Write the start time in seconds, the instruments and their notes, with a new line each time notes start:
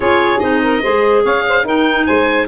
0.00 tuba C#4, clarinet F4, saxophone G#4, oboe C#5
0.39 tuba C4, clarinet D#4, oboe D#5
0.62 saxophone A#4
0.82 tuba G#3, clarinet G#4, saxophone C5
1.23 tuba C#4, saxophone C#5, oboe F5
1.48 saxophone C5
1.64 tuba D#4, clarinet D#4, saxophone A#4, oboe G5
2.06 tuba G#3, saxophone C5, oboe G#5